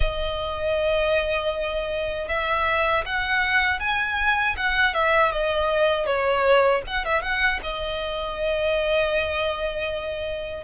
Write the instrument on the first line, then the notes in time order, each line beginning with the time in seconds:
violin
0.00 D#5
2.28 E5
3.05 F#5
3.79 G#5
4.56 F#5
4.94 E5
5.31 D#5
6.06 C#5
6.86 F#5
7.04 E5
7.22 F#5
7.62 D#5